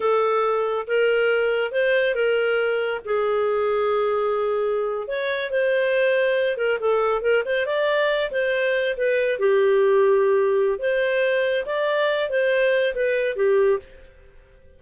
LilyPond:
\new Staff \with { instrumentName = "clarinet" } { \time 4/4 \tempo 4 = 139 a'2 ais'2 | c''4 ais'2 gis'4~ | gis'2.~ gis'8. cis''16~ | cis''8. c''2~ c''8 ais'8 a'16~ |
a'8. ais'8 c''8 d''4. c''8.~ | c''8. b'4 g'2~ g'16~ | g'4 c''2 d''4~ | d''8 c''4. b'4 g'4 | }